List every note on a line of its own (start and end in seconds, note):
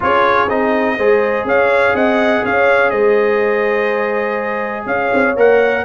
0.00 0.49 C#4
0.00 0.48 F4
0.00 0.97 G#4
0.00 0.49 C#5
0.49 0.98 C4
0.49 0.97 D#4
0.49 1.46 D#5
0.97 1.44 G#3
0.97 5.36 G#4
0.97 1.46 C5
1.44 1.93 C#4
1.44 1.94 C#5
1.44 1.96 F5
1.94 2.43 C4
1.94 2.43 D#5
1.94 2.44 F#5
2.44 2.92 C#4
2.44 2.90 C#5
2.44 2.90 F5
2.90 4.86 G#3
2.90 4.85 C5
2.90 4.85 D#5
4.86 5.10 C#4
4.86 5.84 C#5
4.86 5.35 F5
5.13 5.36 C4
5.36 5.84 A#3
5.36 5.84 A#4
5.36 5.84 F#5